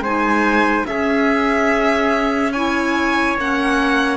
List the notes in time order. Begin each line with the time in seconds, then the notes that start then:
0.00 G#3 D#4 C5 G#5
0.85 C#4 G#4 E5
2.53 E4 C#5 G#5
3.37 A#3 C#4 F#5